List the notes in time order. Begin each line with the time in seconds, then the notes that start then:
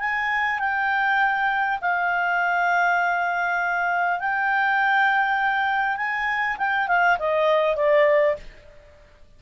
0.00 G#5
0.60 G5
1.82 F5
4.20 G5
5.97 G#5
6.58 G5
6.88 F5
7.19 D#5
7.77 D5